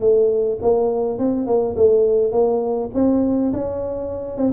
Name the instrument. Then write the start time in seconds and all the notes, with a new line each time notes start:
tuba
0.00 A3
0.61 A#3
1.18 C4
1.46 A#3
1.76 A3
2.32 A#3
2.94 C4
3.53 C#4
4.37 C4